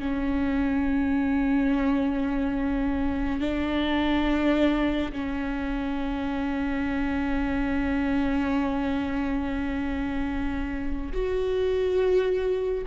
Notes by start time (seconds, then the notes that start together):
0.00 C#4
3.41 D4
5.13 C#4
11.13 F#4